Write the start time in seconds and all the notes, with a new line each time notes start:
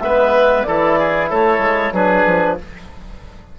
0.00 G#3 B3 B4 E5
0.63 E3 E4 A4 D5
0.99 G#4
1.30 A3 A4 C#5
1.59 G#3
1.92 F#3 D4 G#4 B4
2.26 F3